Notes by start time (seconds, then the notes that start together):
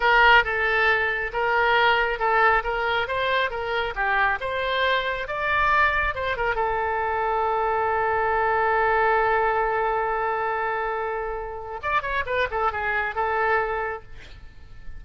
0.00 A#4
0.44 A4
1.33 A#4
2.19 A4
2.63 A#4
3.07 C5
3.50 A#4
3.95 G4
4.40 C5
5.27 D5
6.15 C5
6.36 A#4
6.55 A4
11.82 D5
12.02 C#5
12.26 B4
12.50 A4
12.72 G#4
13.15 A4